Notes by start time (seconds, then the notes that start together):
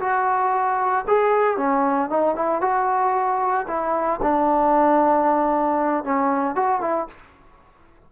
0.00 F#4
1.08 G#4
1.58 C#4
2.10 D#4
2.36 E4
2.61 F#4
3.68 E4
4.23 D4
6.05 C#4
6.56 F#4
6.82 E4